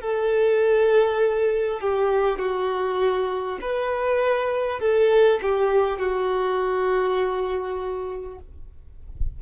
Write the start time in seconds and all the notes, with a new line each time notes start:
0.00 A4
1.80 G4
2.38 F#4
3.61 B4
4.80 A4
5.42 G4
5.98 F#4